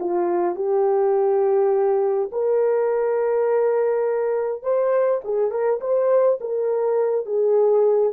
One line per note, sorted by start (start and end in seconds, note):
0.00 0.56 F4
0.56 2.30 G4
2.32 4.63 A#4
4.63 5.21 C5
5.25 5.51 G#4
5.51 5.80 A#4
5.81 6.39 C5
6.41 7.26 A#4
7.26 8.13 G#4